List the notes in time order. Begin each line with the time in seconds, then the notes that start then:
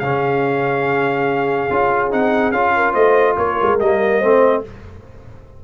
0.00 C#3 C#4 G#4 F5
1.71 C#4 F4
2.11 C4 D#4 F#5
2.52 C#4 F4 F5
2.76 A#4
2.93 A3 C5 D#5
3.38 A#3 A#4 C#5
3.62 G#3
3.80 G3 A#3 D#5
4.19 A3 C4 C5